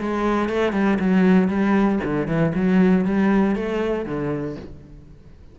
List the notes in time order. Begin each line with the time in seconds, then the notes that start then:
0.00 G#3
0.49 A3
0.73 G3
0.99 F#3
1.48 G3
2.04 D3
2.27 E3
2.55 F#3
3.05 G3
3.55 A3
4.05 D3